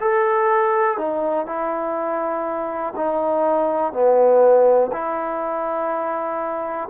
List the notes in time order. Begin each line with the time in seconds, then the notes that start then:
0.00 A4
0.97 D#4
1.46 E4
2.96 D#4
3.92 B3
4.92 E4